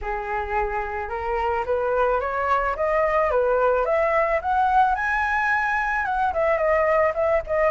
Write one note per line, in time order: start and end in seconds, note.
0.01 1.09 G#4
1.09 1.64 A#4
1.65 2.20 B4
2.20 2.75 C#5
2.75 3.30 D#5
3.30 3.85 B4
3.85 4.40 E5
4.41 4.95 F#5
4.95 6.05 G#5
6.05 6.32 F#5
6.33 6.57 E5
6.57 7.12 D#5
7.14 7.41 E5
7.47 7.71 D#5